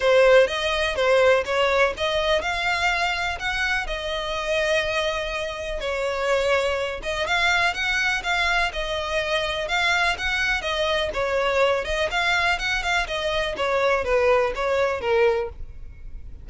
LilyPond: \new Staff \with { instrumentName = "violin" } { \time 4/4 \tempo 4 = 124 c''4 dis''4 c''4 cis''4 | dis''4 f''2 fis''4 | dis''1 | cis''2~ cis''8 dis''8 f''4 |
fis''4 f''4 dis''2 | f''4 fis''4 dis''4 cis''4~ | cis''8 dis''8 f''4 fis''8 f''8 dis''4 | cis''4 b'4 cis''4 ais'4 | }